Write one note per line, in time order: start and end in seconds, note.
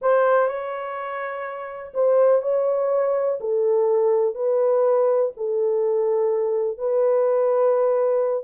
0.01 0.47 C5
0.47 1.92 C#5
1.94 2.42 C5
2.42 3.39 C#5
3.40 4.34 A4
4.34 5.31 B4
5.36 6.77 A4
6.77 8.43 B4